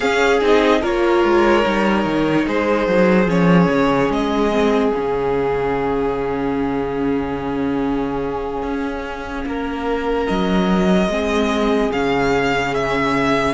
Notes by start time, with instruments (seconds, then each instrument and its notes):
0.00 viola C#4, cello C#4, violin G#4 F5
0.41 cello C4, viola D#4, violin D#5
0.81 cello A#3, viola F4, violin A#4 C#5
1.24 cello G#3
1.62 cello G3, viola D#4
2.05 cello D#3
2.47 cello G#3, violin G#4 C5
2.87 cello F#3
3.26 cello F3, viola C#4, violin C#5
3.68 cello C#3
4.09 cello G#3, violin D#5
4.51 viola C4
4.92 cello C#3, viola C#4, violin F5
8.62 cello C#4
9.45 cello A#3, violin A#4
10.27 cello F#3, violin D#5
11.07 cello G#3, viola C4, violin G#4
11.92 cello C#3, viola C#4, violin F5
12.74 violin E5